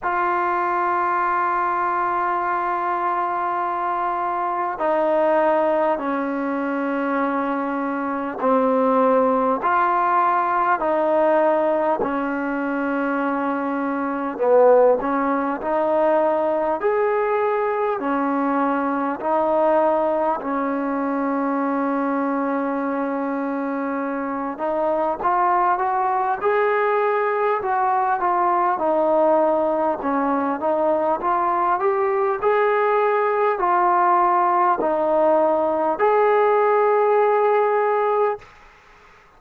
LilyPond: \new Staff \with { instrumentName = "trombone" } { \time 4/4 \tempo 4 = 50 f'1 | dis'4 cis'2 c'4 | f'4 dis'4 cis'2 | b8 cis'8 dis'4 gis'4 cis'4 |
dis'4 cis'2.~ | cis'8 dis'8 f'8 fis'8 gis'4 fis'8 f'8 | dis'4 cis'8 dis'8 f'8 g'8 gis'4 | f'4 dis'4 gis'2 | }